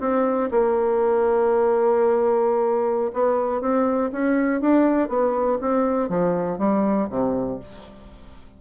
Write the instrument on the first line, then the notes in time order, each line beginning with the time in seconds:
bassoon
0.00 C4
0.51 A#3
3.13 B3
3.61 C4
4.12 C#4
4.61 D4
5.08 B3
5.61 C4
6.09 F3
6.58 G3
7.10 C3